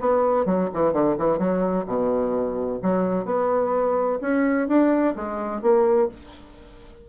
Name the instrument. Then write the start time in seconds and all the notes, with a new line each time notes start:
bassoon
0.00 B3
0.46 F#3
0.74 E3
0.93 D3
1.18 E3
1.38 F#3
1.86 B2
2.82 F#3
3.25 B3
4.21 C#4
4.68 D4
5.16 G#3
5.62 A#3